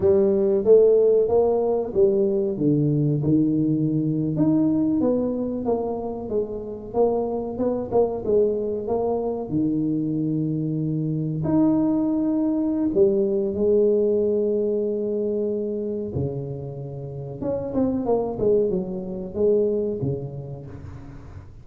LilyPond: \new Staff \with { instrumentName = "tuba" } { \time 4/4 \tempo 4 = 93 g4 a4 ais4 g4 | d4 dis4.~ dis16 dis'4 b16~ | b8. ais4 gis4 ais4 b16~ | b16 ais8 gis4 ais4 dis4~ dis16~ |
dis4.~ dis16 dis'2~ dis'16 | g4 gis2.~ | gis4 cis2 cis'8 c'8 | ais8 gis8 fis4 gis4 cis4 | }